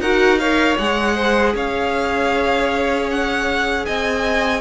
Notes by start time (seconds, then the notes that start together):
0.00 D#4 F#4 A#4 F#5
0.38 A#4 C#5 F5
0.78 G#3 G#4 F#5
1.15 C5
1.54 C#4 C#5 F5
3.10 F#5
3.85 C4 D#5 G#5